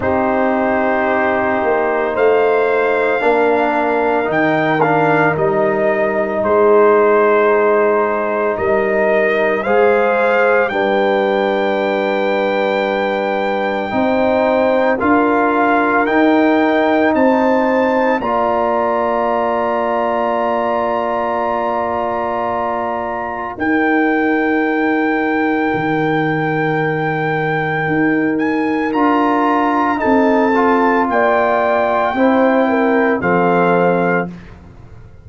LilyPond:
<<
  \new Staff \with { instrumentName = "trumpet" } { \time 4/4 \tempo 4 = 56 c''2 f''2 | g''8 f''8 dis''4 c''2 | dis''4 f''4 g''2~ | g''2 f''4 g''4 |
a''4 ais''2.~ | ais''2 g''2~ | g''2~ g''8 gis''8 ais''4 | a''4 g''2 f''4 | }
  \new Staff \with { instrumentName = "horn" } { \time 4/4 g'2 c''4 ais'4~ | ais'2 gis'2 | ais'4 c''4 b'2~ | b'4 c''4 ais'2 |
c''4 d''2.~ | d''2 ais'2~ | ais'1 | a'4 d''4 c''8 ais'8 a'4 | }
  \new Staff \with { instrumentName = "trombone" } { \time 4/4 dis'2. d'4 | dis'8 d'8 dis'2.~ | dis'4 gis'4 d'2~ | d'4 dis'4 f'4 dis'4~ |
dis'4 f'2.~ | f'2 dis'2~ | dis'2. f'4 | dis'8 f'4. e'4 c'4 | }
  \new Staff \with { instrumentName = "tuba" } { \time 4/4 c'4. ais8 a4 ais4 | dis4 g4 gis2 | g4 gis4 g2~ | g4 c'4 d'4 dis'4 |
c'4 ais2.~ | ais2 dis'2 | dis2 dis'4 d'4 | c'4 ais4 c'4 f4 | }
>>